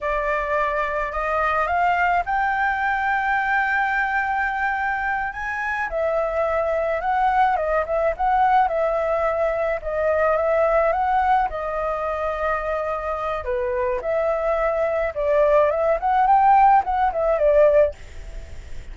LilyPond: \new Staff \with { instrumentName = "flute" } { \time 4/4 \tempo 4 = 107 d''2 dis''4 f''4 | g''1~ | g''4. gis''4 e''4.~ | e''8 fis''4 dis''8 e''8 fis''4 e''8~ |
e''4. dis''4 e''4 fis''8~ | fis''8 dis''2.~ dis''8 | b'4 e''2 d''4 | e''8 fis''8 g''4 fis''8 e''8 d''4 | }